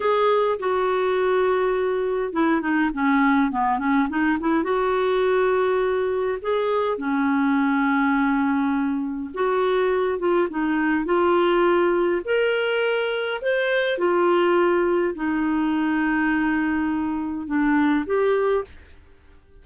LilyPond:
\new Staff \with { instrumentName = "clarinet" } { \time 4/4 \tempo 4 = 103 gis'4 fis'2. | e'8 dis'8 cis'4 b8 cis'8 dis'8 e'8 | fis'2. gis'4 | cis'1 |
fis'4. f'8 dis'4 f'4~ | f'4 ais'2 c''4 | f'2 dis'2~ | dis'2 d'4 g'4 | }